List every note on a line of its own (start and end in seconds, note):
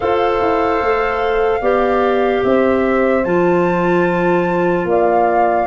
0.00 0.41 F4
0.00 1.61 A4
0.00 1.61 C5
0.00 2.43 F5
0.41 0.81 E4
0.81 1.61 A3
1.61 2.42 B3
1.61 3.24 G4
1.61 2.42 D5
2.43 3.24 C4
2.43 4.89 C5
2.43 3.23 E5
3.23 4.84 F3
3.23 5.67 F4
3.23 4.86 A5
4.84 5.65 A#3
4.84 5.67 D5
4.84 5.67 F5